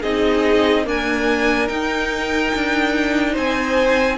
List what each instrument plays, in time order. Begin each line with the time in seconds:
0.00 cello C4, viola D#4, violin G#4 D#5
0.85 viola A#3, cello D4, violin A#4 G#5
1.68 viola D#4, cello D#4, violin G5
2.54 cello D4
3.32 cello C4, violin C5 G#5